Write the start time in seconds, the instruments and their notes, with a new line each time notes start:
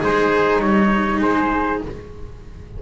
0.00 double bass G#3, flute D#4, cello G#4, trumpet C5
0.61 double bass G3, cello D#4, trumpet C#5
1.21 double bass G#3, flute G#4, trumpet C5